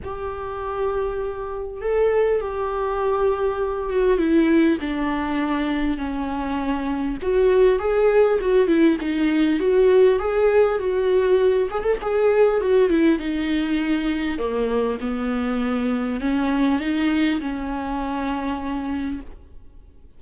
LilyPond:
\new Staff \with { instrumentName = "viola" } { \time 4/4 \tempo 4 = 100 g'2. a'4 | g'2~ g'8 fis'8 e'4 | d'2 cis'2 | fis'4 gis'4 fis'8 e'8 dis'4 |
fis'4 gis'4 fis'4. gis'16 a'16 | gis'4 fis'8 e'8 dis'2 | ais4 b2 cis'4 | dis'4 cis'2. | }